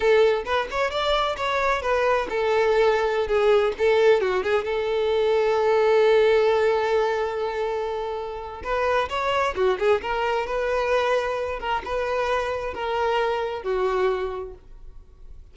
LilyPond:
\new Staff \with { instrumentName = "violin" } { \time 4/4 \tempo 4 = 132 a'4 b'8 cis''8 d''4 cis''4 | b'4 a'2~ a'16 gis'8.~ | gis'16 a'4 fis'8 gis'8 a'4.~ a'16~ | a'1~ |
a'2. b'4 | cis''4 fis'8 gis'8 ais'4 b'4~ | b'4. ais'8 b'2 | ais'2 fis'2 | }